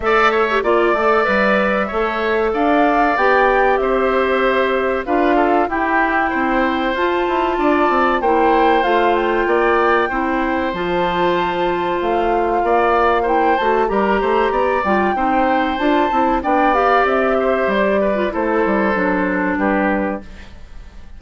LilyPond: <<
  \new Staff \with { instrumentName = "flute" } { \time 4/4 \tempo 4 = 95 e''4 d''4 e''2 | f''4 g''4 e''2 | f''4 g''2 a''4~ | a''4 g''4 f''8 g''4.~ |
g''4 a''2 f''4~ | f''4 g''8 a''8 ais''4. g''8~ | g''4 a''4 g''8 f''8 e''4 | d''4 c''2 b'4 | }
  \new Staff \with { instrumentName = "oboe" } { \time 4/4 d''8 cis''8 d''2 cis''4 | d''2 c''2 | b'8 a'8 g'4 c''2 | d''4 c''2 d''4 |
c''1 | d''4 c''4 ais'8 c''8 d''4 | c''2 d''4. c''8~ | c''8 b'8 a'2 g'4 | }
  \new Staff \with { instrumentName = "clarinet" } { \time 4/4 a'8. g'16 f'8 a'8 b'4 a'4~ | a'4 g'2. | f'4 e'2 f'4~ | f'4 e'4 f'2 |
e'4 f'2.~ | f'4 e'8 fis'8 g'4. f'8 | dis'4 f'8 e'8 d'8 g'4.~ | g'8. f'16 e'4 d'2 | }
  \new Staff \with { instrumentName = "bassoon" } { \time 4/4 a4 ais8 a8 g4 a4 | d'4 b4 c'2 | d'4 e'4 c'4 f'8 e'8 | d'8 c'8 ais4 a4 ais4 |
c'4 f2 a4 | ais4. a8 g8 a8 b8 g8 | c'4 d'8 c'8 b4 c'4 | g4 a8 g8 fis4 g4 | }
>>